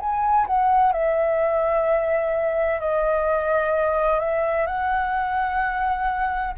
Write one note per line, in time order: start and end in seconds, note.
0.00 0.47 G#5
0.47 0.92 F#5
0.92 2.80 E5
2.80 4.20 D#5
4.20 4.67 E5
4.67 6.55 F#5